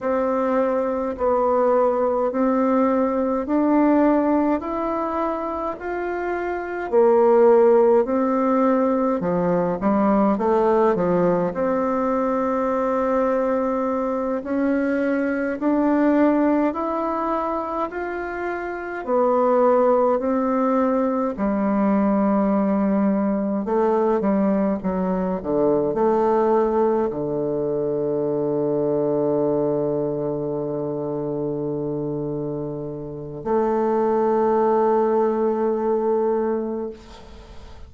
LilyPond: \new Staff \with { instrumentName = "bassoon" } { \time 4/4 \tempo 4 = 52 c'4 b4 c'4 d'4 | e'4 f'4 ais4 c'4 | f8 g8 a8 f8 c'2~ | c'8 cis'4 d'4 e'4 f'8~ |
f'8 b4 c'4 g4.~ | g8 a8 g8 fis8 d8 a4 d8~ | d1~ | d4 a2. | }